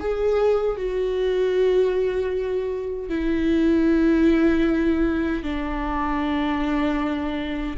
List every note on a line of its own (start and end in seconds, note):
0.00 0.77 G#4
0.77 3.09 F#4
3.09 5.43 E4
5.43 7.77 D4